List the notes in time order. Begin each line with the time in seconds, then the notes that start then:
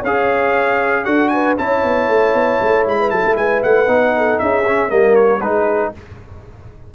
0.00 C#4 C#5 F5
0.06 G#4
1.04 D4 F#4 A4 F#5
1.28 B4 G#5
1.58 C#4 E4 C#5 A5
1.84 B3
2.08 A3
2.34 B3
2.61 A3
2.86 G#3 B5
3.00 B4
3.10 F#3 A4 A5
3.26 A3
3.36 G#3 B4 G#5
3.63 A3 F#5
3.87 B3 D#4
4.17 A4
4.39 C#4 G#4 E5
4.67 C#4
4.88 G3 A#3 A#4 D#5
5.15 C#5
5.40 G#3 D#4 G#4 B4